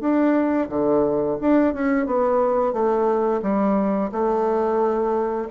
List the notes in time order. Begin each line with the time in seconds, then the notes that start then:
0.00 D4
0.68 D3
1.41 D4
1.74 C#4
2.06 B3
2.73 A3
3.42 G3
4.11 A3